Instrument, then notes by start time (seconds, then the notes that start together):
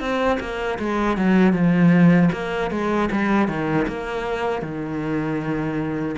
cello
0.00 C4
0.40 A#3
0.79 G#3
1.17 F#3
1.53 F3
2.33 A#3
2.71 G#3
3.12 G3
3.48 D#3
3.88 A#3
4.62 D#3